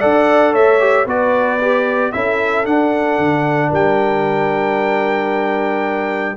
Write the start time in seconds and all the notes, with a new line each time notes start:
0.00 D4 A4 D5 F#5
0.53 A3 C#5 E5
0.79 G4
1.05 B3 F#4 B4 D5
1.61 G4
2.12 C#4 E4 A4 E5
2.64 D4 F#5
3.18 D3
3.69 G3 A#4 G5